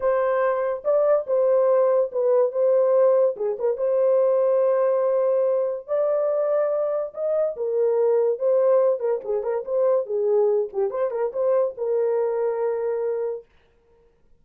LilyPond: \new Staff \with { instrumentName = "horn" } { \time 4/4 \tempo 4 = 143 c''2 d''4 c''4~ | c''4 b'4 c''2 | gis'8 ais'8 c''2.~ | c''2 d''2~ |
d''4 dis''4 ais'2 | c''4. ais'8 gis'8 ais'8 c''4 | gis'4. g'8 c''8 ais'8 c''4 | ais'1 | }